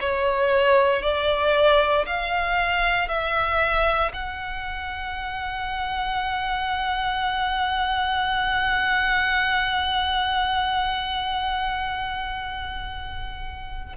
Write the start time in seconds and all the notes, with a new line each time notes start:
0.00 C#5
1.02 D5
2.06 F5
3.08 E5
4.13 F#5